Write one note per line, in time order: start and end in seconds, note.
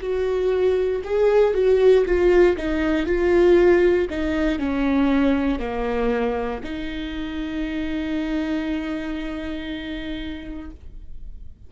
0.00 1.02 F#4
1.04 1.53 G#4
1.53 2.04 F#4
2.05 2.56 F4
2.57 3.06 D#4
3.06 4.07 F4
4.10 4.58 D#4
4.58 5.59 C#4
5.59 6.61 A#3
6.63 10.70 D#4